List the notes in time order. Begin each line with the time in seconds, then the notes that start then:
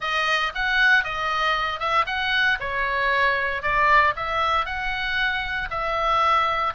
0.00 D#5
0.55 F#5
1.03 D#5
1.79 E5
2.06 F#5
2.60 C#5
3.62 D5
4.15 E5
4.65 F#5
5.70 E5